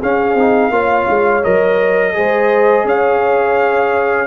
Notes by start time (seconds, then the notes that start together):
0.00 C#4 G#4 F5
0.34 C4 D#4
0.70 A#3 F4 C#5
1.09 G#3
1.44 F#3 A#4 D#5
2.14 G#3 G#4 C5
2.84 C#4 C#5 F5